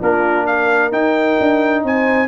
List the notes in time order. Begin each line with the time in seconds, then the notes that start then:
0.00 A#3 D4 F4 A#4
0.47 A#4 F5
0.92 D#4 G5
1.40 D4
1.84 C4 C5 G#5